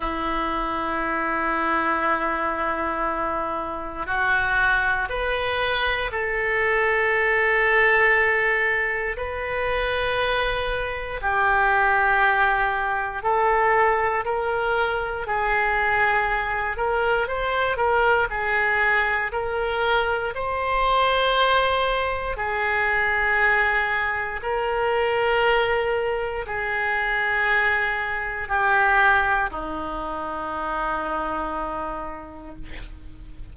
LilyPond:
\new Staff \with { instrumentName = "oboe" } { \time 4/4 \tempo 4 = 59 e'1 | fis'4 b'4 a'2~ | a'4 b'2 g'4~ | g'4 a'4 ais'4 gis'4~ |
gis'8 ais'8 c''8 ais'8 gis'4 ais'4 | c''2 gis'2 | ais'2 gis'2 | g'4 dis'2. | }